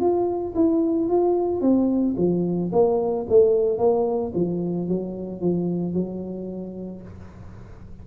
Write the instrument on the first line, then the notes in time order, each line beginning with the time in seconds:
tuba
0.00 F4
0.55 E4
1.08 F4
1.61 C4
2.17 F3
2.72 A#3
3.29 A3
3.78 A#3
4.34 F3
4.88 F#3
5.41 F3
5.94 F#3